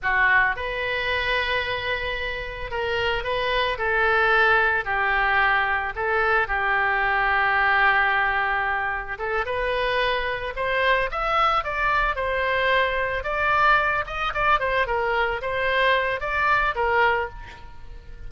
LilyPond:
\new Staff \with { instrumentName = "oboe" } { \time 4/4 \tempo 4 = 111 fis'4 b'2.~ | b'4 ais'4 b'4 a'4~ | a'4 g'2 a'4 | g'1~ |
g'4 a'8 b'2 c''8~ | c''8 e''4 d''4 c''4.~ | c''8 d''4. dis''8 d''8 c''8 ais'8~ | ais'8 c''4. d''4 ais'4 | }